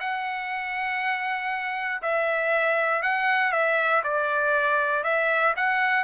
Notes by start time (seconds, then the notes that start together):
0.00 F#5
2.02 E5
3.03 F#5
3.52 E5
4.03 D5
5.04 E5
5.56 F#5